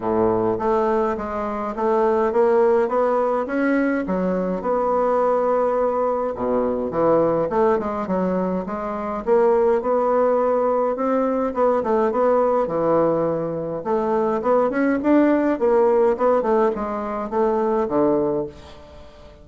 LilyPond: \new Staff \with { instrumentName = "bassoon" } { \time 4/4 \tempo 4 = 104 a,4 a4 gis4 a4 | ais4 b4 cis'4 fis4 | b2. b,4 | e4 a8 gis8 fis4 gis4 |
ais4 b2 c'4 | b8 a8 b4 e2 | a4 b8 cis'8 d'4 ais4 | b8 a8 gis4 a4 d4 | }